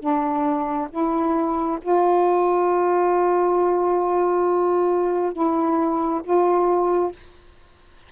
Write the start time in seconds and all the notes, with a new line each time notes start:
0.00 D4
0.91 E4
1.82 F4
5.33 E4
6.24 F4